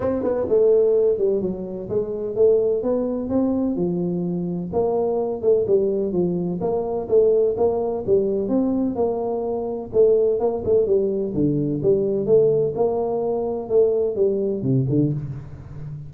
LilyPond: \new Staff \with { instrumentName = "tuba" } { \time 4/4 \tempo 4 = 127 c'8 b8 a4. g8 fis4 | gis4 a4 b4 c'4 | f2 ais4. a8 | g4 f4 ais4 a4 |
ais4 g4 c'4 ais4~ | ais4 a4 ais8 a8 g4 | d4 g4 a4 ais4~ | ais4 a4 g4 c8 d8 | }